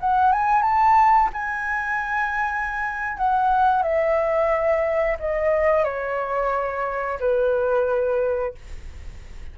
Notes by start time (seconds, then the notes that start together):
0.00 F#5
0.32 G#5
0.62 A5
1.33 G#5
3.17 F#5
3.82 E5
5.19 D#5
5.84 C#5
7.20 B4